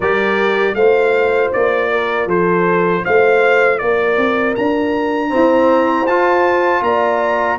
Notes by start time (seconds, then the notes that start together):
0.00 G3 G4 A#4 D5
0.74 A3 F4 C5 F5
1.52 A#3 D5
1.90 A#4
2.26 F3 A4 C5
3.03 A3 C5 F5
3.78 A#3 A#4 D5
4.17 C4
4.55 D4 A#5
5.29 C4 E4 C5
6.06 F4 A5
6.81 A#3 D5 A#5